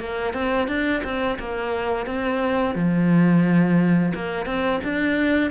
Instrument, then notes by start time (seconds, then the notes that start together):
cello
0.00 A#3
0.34 C4
0.68 D4
1.04 C4
1.39 A#3
2.07 C4
2.75 F3
4.15 A#3
4.46 C4
4.84 D4